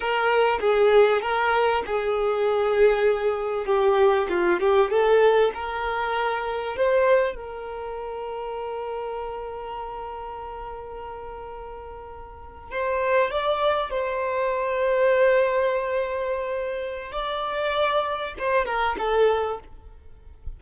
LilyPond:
\new Staff \with { instrumentName = "violin" } { \time 4/4 \tempo 4 = 98 ais'4 gis'4 ais'4 gis'4~ | gis'2 g'4 f'8 g'8 | a'4 ais'2 c''4 | ais'1~ |
ais'1~ | ais'8. c''4 d''4 c''4~ c''16~ | c''1 | d''2 c''8 ais'8 a'4 | }